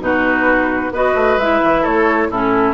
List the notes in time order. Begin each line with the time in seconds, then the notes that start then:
0.00 B2 D#4 F#4 B4
0.91 B3 F#4 B4 D#5
1.14 A3
1.37 G#3 E4 E5
1.63 E3
1.82 A3 A4 C#5
2.29 A2 C#4 E4 A4